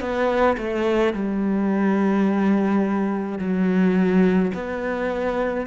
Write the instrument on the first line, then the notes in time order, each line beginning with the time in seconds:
cello
0.00 B3
0.57 A3
1.13 G3
3.38 F#3
4.54 B3